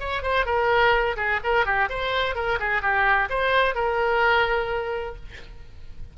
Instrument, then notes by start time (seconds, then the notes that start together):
oboe
0.00 C#5
0.23 C5
0.46 A#4
1.17 G#4
1.44 A#4
1.66 G4
1.90 C5
2.36 A#4
2.60 G#4
2.83 G4
3.30 C5
3.75 A#4